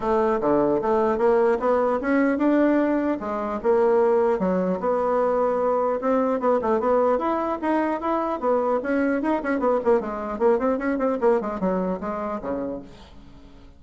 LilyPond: \new Staff \with { instrumentName = "bassoon" } { \time 4/4 \tempo 4 = 150 a4 d4 a4 ais4 | b4 cis'4 d'2 | gis4 ais2 fis4 | b2. c'4 |
b8 a8 b4 e'4 dis'4 | e'4 b4 cis'4 dis'8 cis'8 | b8 ais8 gis4 ais8 c'8 cis'8 c'8 | ais8 gis8 fis4 gis4 cis4 | }